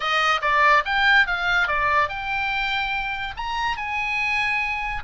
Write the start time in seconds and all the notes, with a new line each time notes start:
0.00 D#5
0.41 D5
0.85 G5
1.27 F5
1.67 D5
2.08 G5
3.36 A#5
3.76 G#5